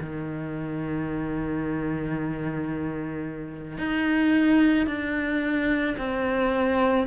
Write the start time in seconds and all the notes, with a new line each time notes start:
0.00 D#3
3.77 D#4
4.86 D4
5.98 C4